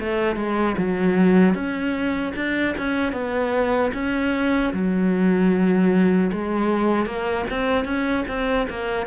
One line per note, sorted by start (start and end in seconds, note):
0.00 0.37 A3
0.37 0.76 G#3
0.78 1.55 F#3
1.55 2.34 C#4
2.36 2.76 D4
2.78 3.13 C#4
3.13 3.92 B3
3.94 4.73 C#4
4.74 6.32 F#3
6.33 7.06 G#3
7.06 7.46 A#3
7.50 7.85 C4
7.85 8.25 C#4
8.29 8.68 C4
8.70 9.07 A#3